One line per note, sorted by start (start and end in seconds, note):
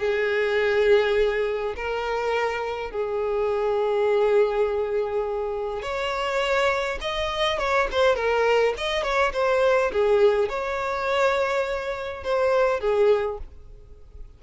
0.00 1.75 G#4
1.76 2.91 A#4
2.91 5.82 G#4
5.82 6.98 C#5
7.01 7.59 D#5
7.59 7.88 C#5
7.91 8.16 C5
8.16 8.74 A#4
8.77 9.03 D#5
9.03 9.32 C#5
9.33 9.91 C5
9.92 10.49 G#4
10.49 12.24 C#5
12.24 12.80 C5
12.80 13.38 G#4